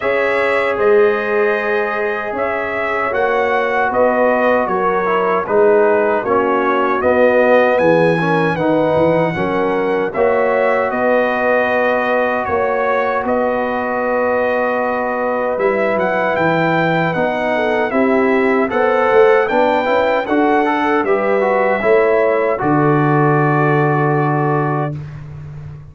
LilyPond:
<<
  \new Staff \with { instrumentName = "trumpet" } { \time 4/4 \tempo 4 = 77 e''4 dis''2 e''4 | fis''4 dis''4 cis''4 b'4 | cis''4 dis''4 gis''4 fis''4~ | fis''4 e''4 dis''2 |
cis''4 dis''2. | e''8 fis''8 g''4 fis''4 e''4 | fis''4 g''4 fis''4 e''4~ | e''4 d''2. | }
  \new Staff \with { instrumentName = "horn" } { \time 4/4 cis''4 c''2 cis''4~ | cis''4 b'4 ais'4 gis'4 | fis'2 gis'8 ais'8 b'4 | ais'4 cis''4 b'2 |
cis''4 b'2.~ | b'2~ b'8 a'8 g'4 | c''4 b'4 a'4 b'4 | cis''4 a'2. | }
  \new Staff \with { instrumentName = "trombone" } { \time 4/4 gis'1 | fis'2~ fis'8 e'8 dis'4 | cis'4 b4. cis'8 dis'4 | cis'4 fis'2.~ |
fis'1 | e'2 dis'4 e'4 | a'4 d'8 e'8 fis'8 a'8 g'8 fis'8 | e'4 fis'2. | }
  \new Staff \with { instrumentName = "tuba" } { \time 4/4 cis'4 gis2 cis'4 | ais4 b4 fis4 gis4 | ais4 b4 e4 dis8 e8 | fis4 ais4 b2 |
ais4 b2. | g8 fis8 e4 b4 c'4 | b8 a8 b8 cis'8 d'4 g4 | a4 d2. | }
>>